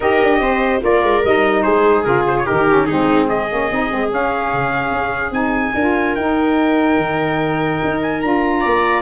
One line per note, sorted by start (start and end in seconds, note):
0.00 0.20 D#4
0.00 0.80 G4
0.00 0.41 A#4
0.00 0.83 D#5
0.22 0.40 D4
0.40 0.81 C4
0.40 0.83 C5
0.80 1.03 A#3
0.80 1.21 F4
0.80 1.63 A#4
0.80 1.25 D5
1.03 1.23 G#3
1.24 1.65 G3
1.24 2.04 D#4
1.24 1.63 D#5
1.63 2.05 G#3
1.63 2.44 G#4
1.63 2.04 C5
2.04 2.46 C#3
2.04 2.45 F4
2.04 2.25 A#4
2.27 2.37 C5
2.38 2.46 C#5
2.44 2.66 D#4
2.44 2.85 G4
2.44 2.85 A#4
2.51 2.90 D#3
2.67 2.87 C#4
2.85 3.51 G#3
2.85 3.49 C4
2.85 3.27 D#4
2.85 3.27 G#4
3.27 5.73 G#4
3.27 4.11 D#5
3.49 3.71 A#3
3.49 3.69 C#4
3.71 3.91 C4
3.71 3.90 D#4
3.90 4.11 G#3
3.90 4.09 C4
4.09 5.31 C#4
4.09 4.52 C#4
4.09 5.33 F5
4.52 4.90 C#3
4.90 5.31 C#4
5.31 5.72 C4
5.31 5.72 D#4
5.31 6.15 G#5
5.74 6.15 D4
5.74 6.17 F4
5.74 8.60 A#4
6.15 6.96 D#4
6.15 8.21 D#4
6.15 8.00 G5
6.96 7.79 D#3
7.84 8.23 D#4
8.01 8.21 G#5
8.21 8.64 D4
8.21 9.02 F4
8.21 9.02 A#5
8.60 9.02 A#3
8.60 9.01 D5